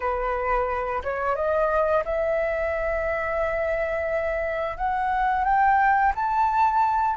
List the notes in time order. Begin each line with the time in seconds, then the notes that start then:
0.00 B4
1.03 C#5
1.35 D#5
2.05 E5
4.77 F#5
5.44 G5
6.15 A5